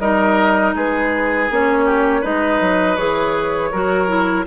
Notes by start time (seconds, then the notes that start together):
0.00 G3 D#4 A#4 D#5
0.75 G#3 G#4 B4
1.51 A#3 C#4 C#5
1.86 G4
2.22 G#3 D#4 B4 D#5
2.61 F#3
2.97 E3 G#4 C#5
3.72 F#3 F#4 A#4
4.08 E4